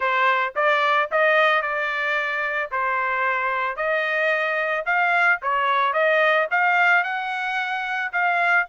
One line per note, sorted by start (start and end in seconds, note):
0.00 0.53 C5
0.55 1.09 D5
1.11 1.62 D#5
1.62 2.70 D5
2.71 3.76 C5
3.76 4.84 D#5
4.85 5.39 F5
5.42 5.93 C#5
5.93 6.47 D#5
6.50 7.03 F5
7.03 8.11 F#5
8.12 8.66 F5